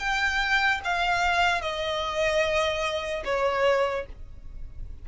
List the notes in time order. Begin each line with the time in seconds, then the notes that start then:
0.00 G5
0.84 F5
1.62 D#5
3.25 C#5